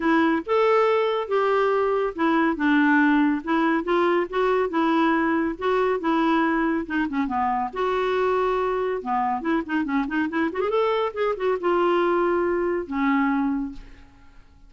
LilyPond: \new Staff \with { instrumentName = "clarinet" } { \time 4/4 \tempo 4 = 140 e'4 a'2 g'4~ | g'4 e'4 d'2 | e'4 f'4 fis'4 e'4~ | e'4 fis'4 e'2 |
dis'8 cis'8 b4 fis'2~ | fis'4 b4 e'8 dis'8 cis'8 dis'8 | e'8 fis'16 gis'16 a'4 gis'8 fis'8 f'4~ | f'2 cis'2 | }